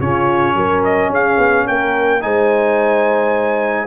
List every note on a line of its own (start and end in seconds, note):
0.00 0.55 C#3
0.00 2.21 C#4
0.00 0.56 F4
0.00 0.84 C#5
0.55 1.10 F#3
0.55 1.11 A#4
0.85 1.12 D#5
1.10 1.37 C#4
1.10 1.66 G#4
1.10 1.68 F5
1.38 1.66 B3
1.66 2.24 A#3
1.66 2.22 A#4
1.66 2.23 G5
2.21 3.88 G#3
2.21 3.88 D#4
2.21 3.88 C5
2.21 3.88 G#5